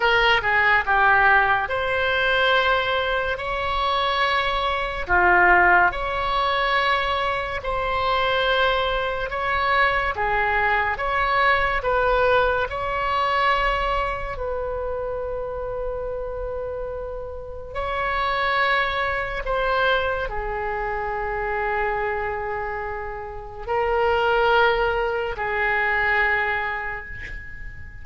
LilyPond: \new Staff \with { instrumentName = "oboe" } { \time 4/4 \tempo 4 = 71 ais'8 gis'8 g'4 c''2 | cis''2 f'4 cis''4~ | cis''4 c''2 cis''4 | gis'4 cis''4 b'4 cis''4~ |
cis''4 b'2.~ | b'4 cis''2 c''4 | gis'1 | ais'2 gis'2 | }